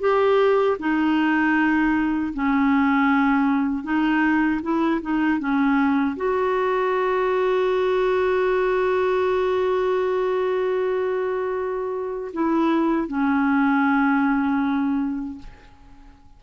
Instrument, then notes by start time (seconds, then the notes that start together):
clarinet
0.00 G4
0.79 D#4
2.34 C#4
3.84 D#4
4.62 E4
5.01 D#4
5.39 C#4
6.16 F#4
12.33 E4
13.07 C#4